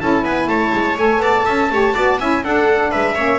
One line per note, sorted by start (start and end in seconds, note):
0.00 0.24 C#4
0.00 0.97 E4
0.00 0.25 A4
0.00 0.25 A5
0.24 0.48 B3
0.24 0.49 B4
0.24 0.49 G#5
0.48 0.72 A3
0.48 1.23 C#5
0.48 0.98 A5
0.73 0.98 G#3
0.97 1.18 A3
0.97 1.70 A4
0.97 1.22 G#5
1.18 1.43 B3
1.18 1.46 D5
1.18 2.20 A5
1.46 1.71 C#4
1.46 1.70 E5
1.71 1.95 A3
1.71 1.95 G4
1.71 1.95 C#5
1.95 2.20 B3
1.95 2.19 F#4
1.95 2.19 D5
2.20 2.44 C#4
2.20 2.44 E4
2.20 2.44 E5
2.20 2.44 G#5
2.44 2.93 D4
2.44 3.17 D4
2.44 2.91 A4
2.44 2.92 F#5
2.91 3.18 G#3
2.91 3.15 B4
2.91 3.39 E5
3.15 3.39 A#3
3.15 3.39 C#4
3.15 3.39 C#5